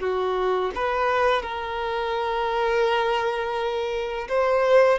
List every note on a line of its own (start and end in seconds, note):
0.00 0.71 F#4
0.75 1.43 B4
1.43 4.28 A#4
4.29 4.99 C5